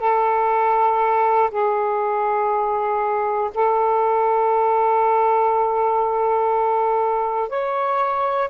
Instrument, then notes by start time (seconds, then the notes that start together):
saxophone
0.00 A4
1.50 G#4
3.55 A4
7.49 C#5